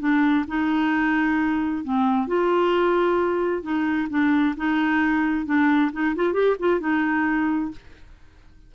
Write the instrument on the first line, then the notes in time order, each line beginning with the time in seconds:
clarinet
0.00 D4
0.48 D#4
1.84 C4
2.28 F4
3.63 D#4
4.10 D4
4.57 D#4
5.46 D4
5.93 D#4
6.16 F4
6.33 G4
6.59 F4
6.80 D#4